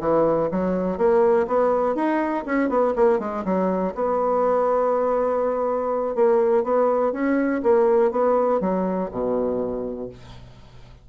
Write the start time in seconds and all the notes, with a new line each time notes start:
0.00 E3
0.51 F#3
0.97 A#3
1.47 B3
1.95 D#4
2.45 C#4
2.69 B3
2.95 A#3
3.19 G#3
3.45 F#3
3.95 B3
6.15 A#3
6.63 B3
7.12 C#4
7.63 A#3
8.11 B3
8.60 F#3
9.11 B2